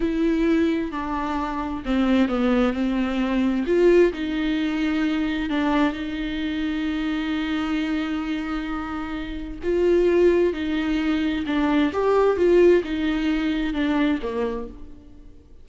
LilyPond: \new Staff \with { instrumentName = "viola" } { \time 4/4 \tempo 4 = 131 e'2 d'2 | c'4 b4 c'2 | f'4 dis'2. | d'4 dis'2.~ |
dis'1~ | dis'4 f'2 dis'4~ | dis'4 d'4 g'4 f'4 | dis'2 d'4 ais4 | }